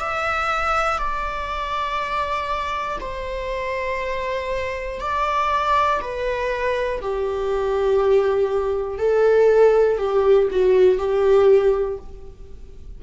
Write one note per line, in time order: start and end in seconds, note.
0.00 0.99 E5
0.99 2.99 D5
3.00 5.00 C5
5.00 6.00 D5
6.01 7.01 B4
7.02 8.99 G4
8.99 9.99 A4
9.99 10.49 G4
10.51 10.99 F#4
10.99 11.99 G4